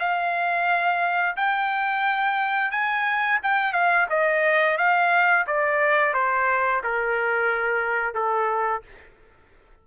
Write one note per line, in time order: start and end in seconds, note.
0.00 1.36 F5
1.36 2.71 G5
2.71 3.39 G#5
3.43 3.73 G5
3.73 4.07 F5
4.10 4.78 D#5
4.78 5.46 F5
5.47 6.14 D5
6.14 6.82 C5
6.84 8.14 A#4
8.14 8.83 A4